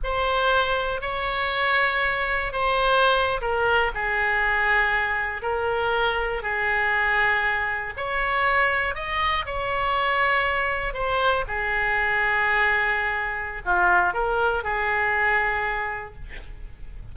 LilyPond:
\new Staff \with { instrumentName = "oboe" } { \time 4/4 \tempo 4 = 119 c''2 cis''2~ | cis''4 c''4.~ c''16 ais'4 gis'16~ | gis'2~ gis'8. ais'4~ ais'16~ | ais'8. gis'2. cis''16~ |
cis''4.~ cis''16 dis''4 cis''4~ cis''16~ | cis''4.~ cis''16 c''4 gis'4~ gis'16~ | gis'2. f'4 | ais'4 gis'2. | }